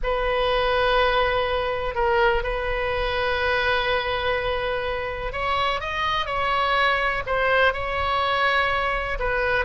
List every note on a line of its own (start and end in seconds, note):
0.03 1.94 B4
1.94 2.43 A#4
2.43 5.32 B4
5.32 5.80 C#5
5.80 6.26 D#5
6.26 7.23 C#5
7.26 7.73 C5
7.73 9.18 C#5
9.19 9.65 B4